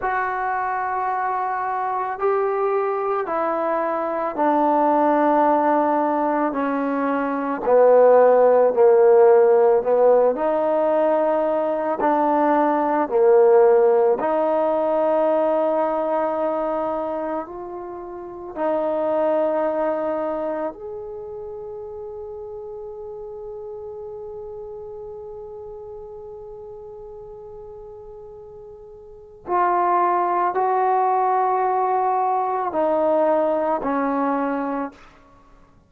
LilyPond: \new Staff \with { instrumentName = "trombone" } { \time 4/4 \tempo 4 = 55 fis'2 g'4 e'4 | d'2 cis'4 b4 | ais4 b8 dis'4. d'4 | ais4 dis'2. |
f'4 dis'2 gis'4~ | gis'1~ | gis'2. f'4 | fis'2 dis'4 cis'4 | }